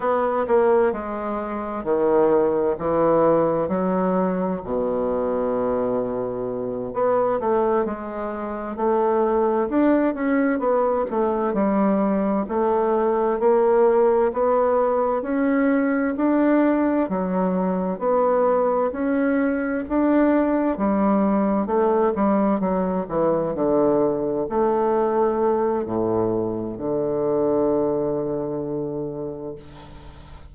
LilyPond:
\new Staff \with { instrumentName = "bassoon" } { \time 4/4 \tempo 4 = 65 b8 ais8 gis4 dis4 e4 | fis4 b,2~ b,8 b8 | a8 gis4 a4 d'8 cis'8 b8 | a8 g4 a4 ais4 b8~ |
b8 cis'4 d'4 fis4 b8~ | b8 cis'4 d'4 g4 a8 | g8 fis8 e8 d4 a4. | a,4 d2. | }